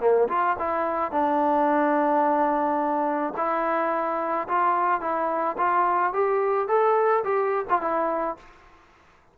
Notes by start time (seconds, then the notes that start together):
0.00 A#3
0.29 F4
0.59 E4
1.11 D4
3.37 E4
4.48 F4
5.01 E4
5.57 F4
6.13 G4
6.68 A4
7.24 G4
7.69 F4
7.81 E4